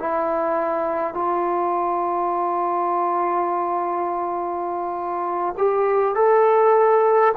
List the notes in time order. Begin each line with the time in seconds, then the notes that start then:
0.00 E4
1.14 F4
5.58 G4
6.16 A4